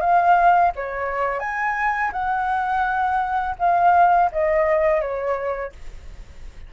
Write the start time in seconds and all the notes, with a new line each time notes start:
0.00 F5
0.75 C#5
1.39 G#5
2.12 F#5
3.58 F5
4.32 D#5
5.01 C#5